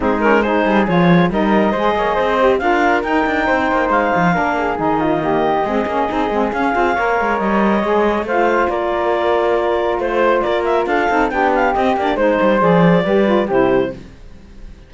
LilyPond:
<<
  \new Staff \with { instrumentName = "clarinet" } { \time 4/4 \tempo 4 = 138 gis'8 ais'8 c''4 cis''4 dis''4~ | dis''2 f''4 g''4~ | g''4 f''2 dis''4~ | dis''2. f''4~ |
f''4 dis''2 f''4 | d''2. c''4 | d''8 e''8 f''4 g''8 f''8 dis''8 d''8 | c''4 d''2 c''4 | }
  \new Staff \with { instrumentName = "flute" } { \time 4/4 dis'4 gis'2 ais'4 | c''8 cis''8 c''4 ais'2 | c''2 ais'8 gis'4 f'8 | g'4 gis'2. |
cis''2. c''4 | ais'2. c''4 | ais'4 a'4 g'2 | c''2 b'4 g'4 | }
  \new Staff \with { instrumentName = "saxophone" } { \time 4/4 c'8 cis'8 dis'4 f'4 dis'4 | gis'4. g'8 f'4 dis'4~ | dis'2 d'4 dis'4 | ais4 c'8 cis'8 dis'8 c'8 cis'8 f'8 |
ais'2 gis'4 f'4~ | f'1~ | f'4. dis'8 d'4 c'8 d'8 | dis'4 gis'4 g'8 f'8 e'4 | }
  \new Staff \with { instrumentName = "cello" } { \time 4/4 gis4. g8 f4 g4 | gis8 ais8 c'4 d'4 dis'8 d'8 | c'8 ais8 gis8 f8 ais4 dis4~ | dis4 gis8 ais8 c'8 gis8 cis'8 c'8 |
ais8 gis8 g4 gis4 a4 | ais2. a4 | ais4 d'8 c'8 b4 c'8 ais8 | gis8 g8 f4 g4 c4 | }
>>